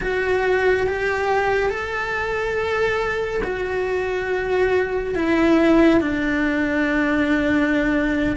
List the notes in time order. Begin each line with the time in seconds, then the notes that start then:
0.00 F#4
0.86 G4
1.69 A4
3.43 F#4
5.15 E4
6.00 D4